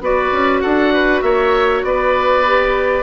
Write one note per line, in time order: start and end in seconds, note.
0.00 0.30 B3
0.00 2.44 F#4
0.00 0.63 B4
0.00 0.60 D5
0.32 0.62 C#4
0.60 1.22 D4
0.60 0.93 A4
0.60 1.21 F#5
0.93 1.23 B4
1.21 1.83 A#3
1.21 1.85 C#5
1.21 1.82 E5
1.83 3.03 B3
1.83 3.03 B4
1.83 3.03 D5
2.45 3.03 G4